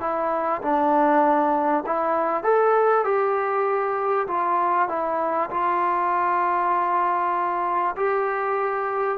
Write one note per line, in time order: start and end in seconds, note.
0.00 0.61 E4
0.62 1.84 D4
1.86 2.43 E4
2.43 3.04 A4
3.04 4.27 G4
4.27 4.88 F4
4.88 5.50 E4
5.50 7.95 F4
7.96 9.18 G4